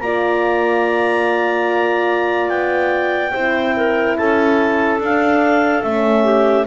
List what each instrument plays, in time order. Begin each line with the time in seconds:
0.00 double bass A#3, horn F4, clarinet D5 A#5
2.48 double bass B3, clarinet G5
3.32 double bass C4, horn E4, clarinet C5
3.76 clarinet A#4
4.16 double bass C#4, clarinet A4 A5
4.99 double bass D4, horn D4, clarinet F5
5.82 double bass A3, horn C#4, clarinet E5
6.23 clarinet G4